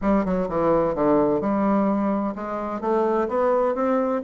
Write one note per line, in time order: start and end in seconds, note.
0.01 0.25 G3
0.25 0.48 F#3
0.49 0.94 E3
0.94 1.40 D3
1.40 2.34 G3
2.35 2.81 G#3
2.81 3.27 A3
3.28 3.74 B3
3.74 4.21 C4